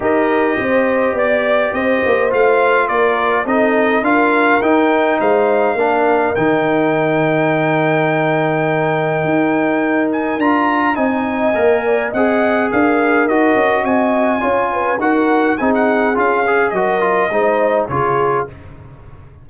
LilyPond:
<<
  \new Staff \with { instrumentName = "trumpet" } { \time 4/4 \tempo 4 = 104 dis''2 d''4 dis''4 | f''4 d''4 dis''4 f''4 | g''4 f''2 g''4~ | g''1~ |
g''4. gis''8 ais''4 gis''4~ | gis''4 fis''4 f''4 dis''4 | gis''2 fis''4 gis''16 fis''8. | f''4 dis''2 cis''4 | }
  \new Staff \with { instrumentName = "horn" } { \time 4/4 ais'4 c''4 d''4 c''4~ | c''4 ais'4 a'4 ais'4~ | ais'4 c''4 ais'2~ | ais'1~ |
ais'2. dis''4~ | dis''8 d''8 dis''4 ais'2 | dis''4 cis''8 b'8 ais'4 gis'4~ | gis'4 ais'4 c''4 gis'4 | }
  \new Staff \with { instrumentName = "trombone" } { \time 4/4 g'1 | f'2 dis'4 f'4 | dis'2 d'4 dis'4~ | dis'1~ |
dis'2 f'4 dis'4 | ais'4 gis'2 fis'4~ | fis'4 f'4 fis'4 dis'4 | f'8 gis'8 fis'8 f'8 dis'4 f'4 | }
  \new Staff \with { instrumentName = "tuba" } { \time 4/4 dis'4 c'4 b4 c'8 ais8 | a4 ais4 c'4 d'4 | dis'4 gis4 ais4 dis4~ | dis1 |
dis'2 d'4 c'4 | ais4 c'4 d'4 dis'8 cis'8 | c'4 cis'4 dis'4 c'4 | cis'4 fis4 gis4 cis4 | }
>>